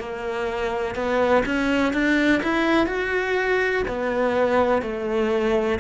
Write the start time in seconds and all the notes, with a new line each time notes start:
0.00 A#3
0.95 B3
1.46 C#4
1.94 D4
2.44 E4
2.87 F#4
3.88 B3
4.83 A3